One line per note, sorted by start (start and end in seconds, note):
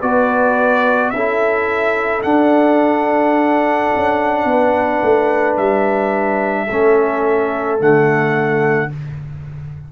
0.00 1.12 B3
0.00 1.13 F#4
0.00 1.11 B4
0.00 1.10 D5
1.10 2.23 C#4
1.10 2.22 E4
1.10 4.48 A4
1.10 2.21 E5
2.22 6.67 D4
2.22 3.90 D4
2.22 5.56 F#5
3.95 4.44 C#4
4.44 5.00 B3
4.44 6.66 B4
5.03 5.57 A3
5.57 6.68 G3
5.57 7.79 E5
6.66 7.80 A3
6.66 7.78 C#4
6.66 8.88 A4
7.78 8.91 D3
7.78 8.90 A3
7.78 8.92 F#5